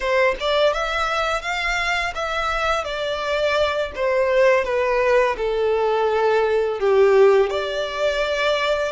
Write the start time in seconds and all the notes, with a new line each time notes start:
0.00 C5
0.39 D5
0.73 E5
1.41 F5
2.14 E5
2.84 D5
3.94 C5
4.64 B4
5.37 A4
6.79 G4
7.50 D5